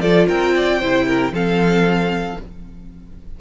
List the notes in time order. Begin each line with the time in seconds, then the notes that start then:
0.00 F3 F4 A4 D5
0.28 C4 A#4 G5
0.55 D5
0.79 C3 E4 C5
1.06 A#4
1.31 F3 C4 A4 F5